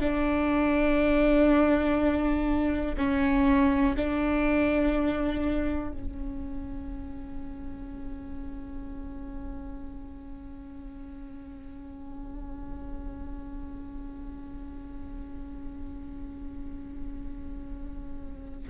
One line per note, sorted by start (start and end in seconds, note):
0.00 2.95 D4
2.97 3.95 C#4
3.96 5.92 D4
5.92 18.70 C#4